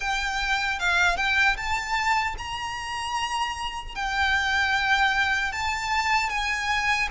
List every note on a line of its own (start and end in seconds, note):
0.00 0.79 G5
0.79 1.16 F5
1.16 1.56 G5
1.56 2.35 A5
2.38 3.95 A#5
3.95 5.52 G5
5.52 6.29 A5
6.29 7.08 G#5